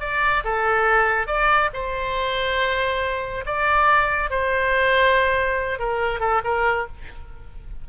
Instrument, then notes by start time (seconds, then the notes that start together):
oboe
0.00 D5
0.44 A4
1.27 D5
1.73 C5
3.45 D5
4.30 C5
5.79 A#4
6.19 A4
6.44 A#4